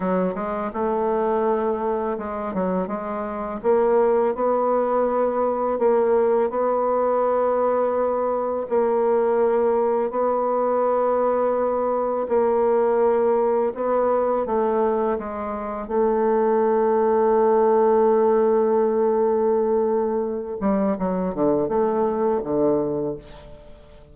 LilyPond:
\new Staff \with { instrumentName = "bassoon" } { \time 4/4 \tempo 4 = 83 fis8 gis8 a2 gis8 fis8 | gis4 ais4 b2 | ais4 b2. | ais2 b2~ |
b4 ais2 b4 | a4 gis4 a2~ | a1~ | a8 g8 fis8 d8 a4 d4 | }